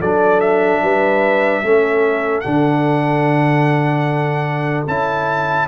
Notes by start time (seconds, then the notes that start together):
0.00 F#3 D4 A4 D5
0.40 E5
0.81 G3 B4
1.63 A3 C#4 A4
2.40 D3 D4 F#5
4.87 C#4 E4 A5